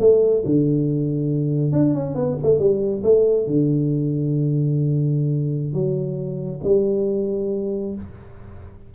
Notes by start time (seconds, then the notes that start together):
0.00 A3
0.45 D3
1.72 D4
1.94 C#4
2.15 B3
2.43 A3
2.59 G3
3.04 A3
3.47 D3
5.73 F#3
6.64 G3